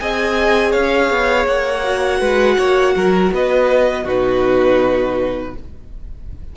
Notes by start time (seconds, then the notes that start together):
0.00 C4 G#4 D#5 G#5
0.72 C#4 C#5 F5
1.11 B3
1.47 A#3 F#5
1.84 F#4
2.20 G#3 B4
2.58 A#3 C#5
2.96 F#3 A#4
3.32 B3 B4 D#5
4.04 B2 D#4 F#4 B4